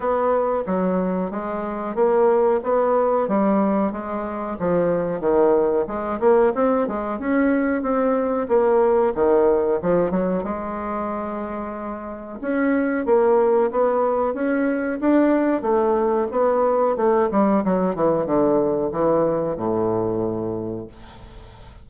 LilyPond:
\new Staff \with { instrumentName = "bassoon" } { \time 4/4 \tempo 4 = 92 b4 fis4 gis4 ais4 | b4 g4 gis4 f4 | dis4 gis8 ais8 c'8 gis8 cis'4 | c'4 ais4 dis4 f8 fis8 |
gis2. cis'4 | ais4 b4 cis'4 d'4 | a4 b4 a8 g8 fis8 e8 | d4 e4 a,2 | }